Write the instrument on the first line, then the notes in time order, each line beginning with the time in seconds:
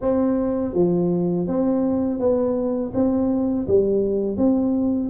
tuba
0.01 C4
0.74 F3
1.47 C4
2.19 B3
2.94 C4
3.67 G3
4.37 C4